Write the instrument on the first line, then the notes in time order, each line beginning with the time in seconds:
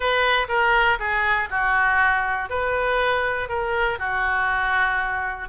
oboe
0.00 B4
0.48 A#4
0.99 G#4
1.50 F#4
2.49 B4
3.48 A#4
3.98 F#4